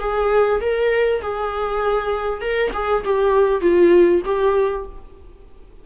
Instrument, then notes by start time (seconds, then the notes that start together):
viola
0.00 G#4
0.61 A#4
1.22 G#4
2.41 A#4
2.74 G#4
3.05 G4
3.61 F4
4.25 G4